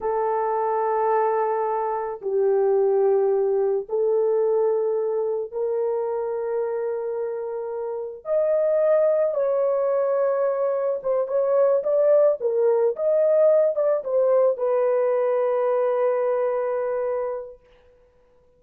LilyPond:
\new Staff \with { instrumentName = "horn" } { \time 4/4 \tempo 4 = 109 a'1 | g'2. a'4~ | a'2 ais'2~ | ais'2. dis''4~ |
dis''4 cis''2. | c''8 cis''4 d''4 ais'4 dis''8~ | dis''4 d''8 c''4 b'4.~ | b'1 | }